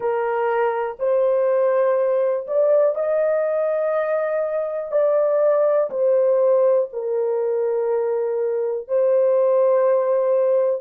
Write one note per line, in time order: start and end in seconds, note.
0.00 0.97 A#4
0.99 2.46 C5
2.47 2.95 D5
2.95 4.91 D#5
4.91 5.90 D5
5.90 6.89 C5
6.92 8.88 A#4
8.88 10.81 C5